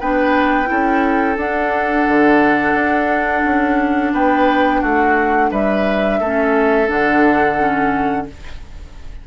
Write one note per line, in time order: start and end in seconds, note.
0.00 0.69 B3
0.00 0.66 D4
0.00 0.69 B4
0.00 1.39 G5
0.66 1.37 C#4
0.66 1.35 E4
0.66 4.14 A4
1.37 2.06 D4
1.37 6.23 D4
1.37 4.14 F#5
2.08 2.74 D3
2.74 3.43 D4
3.45 4.13 C#4
4.13 4.82 B3
4.13 4.81 B4
4.13 4.82 G5
4.81 5.51 A3
4.81 5.50 F#4
4.81 5.51 F#5
5.51 6.20 G3
5.51 6.20 B4
5.51 6.89 E5
6.20 6.89 A3
6.20 6.87 C#4
6.20 8.27 A4
6.87 8.27 D3
6.87 7.56 D4
6.87 8.27 F#5
7.58 8.27 C#4